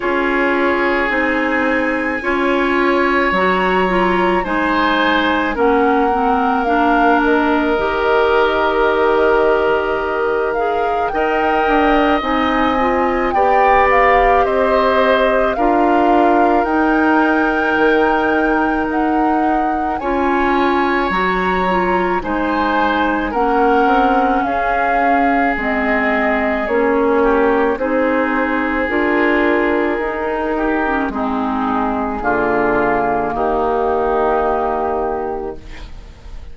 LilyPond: <<
  \new Staff \with { instrumentName = "flute" } { \time 4/4 \tempo 4 = 54 cis''4 gis''2 ais''4 | gis''4 fis''4 f''8 dis''4.~ | dis''4. f''8 g''4 gis''4 | g''8 f''8 dis''4 f''4 g''4~ |
g''4 fis''4 gis''4 ais''4 | gis''4 fis''4 f''4 dis''4 | cis''4 c''4 ais'2 | gis'2 g'2 | }
  \new Staff \with { instrumentName = "oboe" } { \time 4/4 gis'2 cis''2 | c''4 ais'2.~ | ais'2 dis''2 | d''4 c''4 ais'2~ |
ais'2 cis''2 | c''4 ais'4 gis'2~ | gis'8 g'8 gis'2~ gis'8 g'8 | dis'4 f'4 dis'2 | }
  \new Staff \with { instrumentName = "clarinet" } { \time 4/4 f'4 dis'4 f'4 fis'8 f'8 | dis'4 cis'8 c'8 d'4 g'4~ | g'4. gis'8 ais'4 dis'8 f'8 | g'2 f'4 dis'4~ |
dis'2 f'4 fis'8 f'8 | dis'4 cis'2 c'4 | cis'4 dis'4 f'4 dis'8. cis'16 | c'4 ais2. | }
  \new Staff \with { instrumentName = "bassoon" } { \time 4/4 cis'4 c'4 cis'4 fis4 | gis4 ais2 dis4~ | dis2 dis'8 d'8 c'4 | b4 c'4 d'4 dis'4 |
dis4 dis'4 cis'4 fis4 | gis4 ais8 c'8 cis'4 gis4 | ais4 c'4 d'4 dis'4 | gis4 d4 dis2 | }
>>